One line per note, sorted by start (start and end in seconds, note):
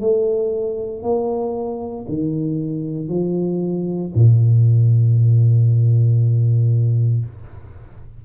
0.00 1.03 A3
1.03 2.06 A#3
2.08 3.08 D#3
3.08 4.11 F3
4.14 7.25 A#2